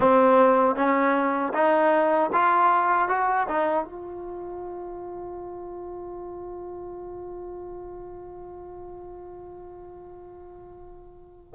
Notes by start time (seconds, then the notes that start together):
0.00 C4
0.75 C#4
1.53 D#4
2.33 F4
3.08 F#4
3.48 D#4
3.84 F4